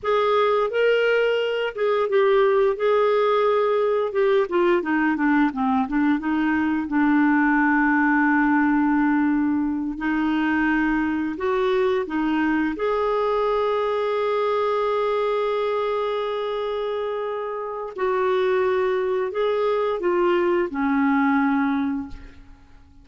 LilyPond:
\new Staff \with { instrumentName = "clarinet" } { \time 4/4 \tempo 4 = 87 gis'4 ais'4. gis'8 g'4 | gis'2 g'8 f'8 dis'8 d'8 | c'8 d'8 dis'4 d'2~ | d'2~ d'8 dis'4.~ |
dis'8 fis'4 dis'4 gis'4.~ | gis'1~ | gis'2 fis'2 | gis'4 f'4 cis'2 | }